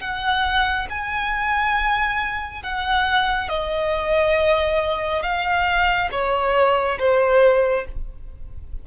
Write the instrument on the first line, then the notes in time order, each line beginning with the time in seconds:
violin
0.00 F#5
0.89 G#5
2.62 F#5
3.49 D#5
5.22 F5
6.11 C#5
6.98 C5